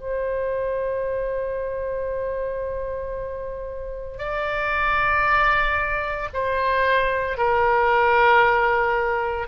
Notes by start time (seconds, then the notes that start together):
0.00 C5
4.18 D5
6.33 C5
7.37 A#4